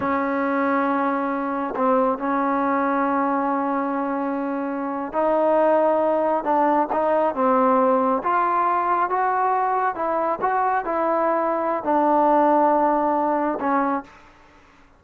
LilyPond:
\new Staff \with { instrumentName = "trombone" } { \time 4/4 \tempo 4 = 137 cis'1 | c'4 cis'2.~ | cis'2.~ cis'8. dis'16~ | dis'2~ dis'8. d'4 dis'16~ |
dis'8. c'2 f'4~ f'16~ | f'8. fis'2 e'4 fis'16~ | fis'8. e'2~ e'16 d'4~ | d'2. cis'4 | }